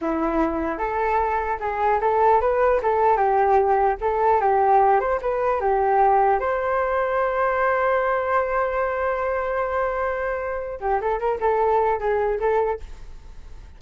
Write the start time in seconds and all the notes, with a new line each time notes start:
0.01 E4
0.78 A4
1.60 G#4
2.00 A4
2.40 B4
2.82 A4
3.17 G4
4.01 A4
4.40 G4
4.99 C5
5.21 B4
5.60 G4
6.39 C5
10.80 G4
11.01 A4
11.19 A#4
11.40 A4
11.99 G#4
12.39 A4